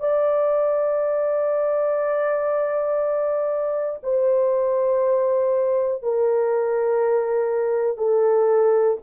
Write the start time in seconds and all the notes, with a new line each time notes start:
0.00 D5
4.03 C5
6.03 A#4
7.98 A4